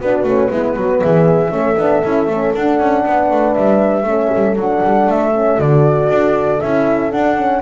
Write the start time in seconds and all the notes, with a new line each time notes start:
0.00 B3 D4 F#4 B4
0.23 A3 C#4
0.49 G#3 B3 E4
0.76 F#3 F#4
1.00 E3 G#4 E5
1.49 A3 C#4 A4
1.77 B3 D4
2.03 C#4 E4
2.26 A3 C#4
2.53 D4 F#5
2.79 C#4
3.05 B3 B4
3.30 A3
3.53 G3 E5
4.03 A3 C#4
4.09 A4
4.34 G3
4.55 F#3 D4 F#5
4.83 G3
5.07 A3 E5
5.33 C#4
5.58 D3 F#4 D5
6.08 D4
6.60 C#4 E4 E5
7.11 D4 F#5
7.36 C#4